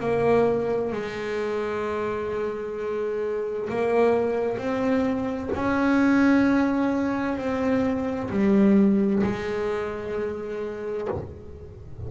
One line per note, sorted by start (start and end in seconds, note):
0.00 0.92 A#3
0.92 3.69 G#3
3.69 4.58 A#3
4.58 5.50 C4
5.55 7.38 C#4
7.38 8.30 C4
8.30 9.23 G3
9.23 11.08 G#3